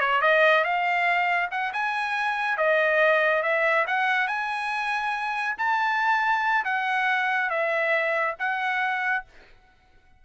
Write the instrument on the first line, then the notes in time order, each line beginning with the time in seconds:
trumpet
0.00 C#5
0.21 D#5
0.64 F5
1.51 F#5
1.73 G#5
2.57 D#5
3.42 E5
3.87 F#5
4.27 G#5
5.58 A5
6.64 F#5
7.49 E5
8.39 F#5